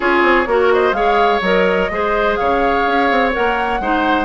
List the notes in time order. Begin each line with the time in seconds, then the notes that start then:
0.00 C#4 F4 G#4 C#5
0.22 C4
0.46 A#3 F#4 A#4
0.71 C5 D#5
0.92 G#3 G#4 C#5 F5
1.41 F#3 A#4 D#5
1.90 G#3 G#4 C5
2.36 C#3 C#5 F5
2.87 C#4
3.10 C4
3.33 A#3 A#4 F#5
3.80 G#3 D#4 C5